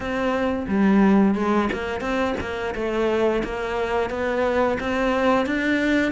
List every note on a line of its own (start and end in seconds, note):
0.00 0.65 C4
0.68 1.35 G3
1.35 1.69 G#3
1.72 2.00 A#3
2.00 2.34 C4
2.40 2.74 A#3
2.74 3.42 A3
3.44 4.09 A#3
4.09 4.78 B3
4.79 5.45 C4
5.45 6.12 D4